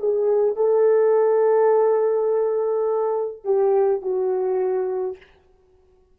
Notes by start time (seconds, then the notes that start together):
0.00 G#4
0.56 A4
3.45 G4
4.02 F#4